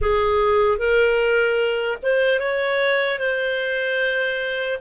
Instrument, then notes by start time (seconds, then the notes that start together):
clarinet
0.01 G#4
0.77 A#4
2.02 C5
2.39 C#5
3.19 C5